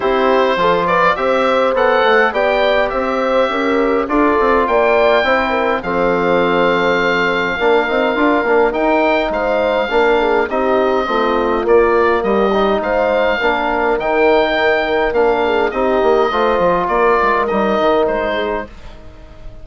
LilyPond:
<<
  \new Staff \with { instrumentName = "oboe" } { \time 4/4 \tempo 4 = 103 c''4. d''8 e''4 fis''4 | g''4 e''2 d''4 | g''2 f''2~ | f''2. g''4 |
f''2 dis''2 | d''4 dis''4 f''2 | g''2 f''4 dis''4~ | dis''4 d''4 dis''4 c''4 | }
  \new Staff \with { instrumentName = "horn" } { \time 4/4 g'4 a'8 b'8 c''2 | d''4 c''4 ais'4 a'4 | d''4 c''8 ais'8 a'2~ | a'4 ais'2. |
c''4 ais'8 gis'8 g'4 f'4~ | f'4 g'4 c''4 ais'4~ | ais'2~ ais'8 gis'8 g'4 | c''4 ais'2~ ais'8 gis'8 | }
  \new Staff \with { instrumentName = "trombone" } { \time 4/4 e'4 f'4 g'4 a'4 | g'2. f'4~ | f'4 e'4 c'2~ | c'4 d'8 dis'8 f'8 d'8 dis'4~ |
dis'4 d'4 dis'4 c'4 | ais4. dis'4. d'4 | dis'2 d'4 dis'4 | f'2 dis'2 | }
  \new Staff \with { instrumentName = "bassoon" } { \time 4/4 c'4 f4 c'4 b8 a8 | b4 c'4 cis'4 d'8 c'8 | ais4 c'4 f2~ | f4 ais8 c'8 d'8 ais8 dis'4 |
gis4 ais4 c'4 a4 | ais4 g4 gis4 ais4 | dis2 ais4 c'8 ais8 | a8 f8 ais8 gis8 g8 dis8 gis4 | }
>>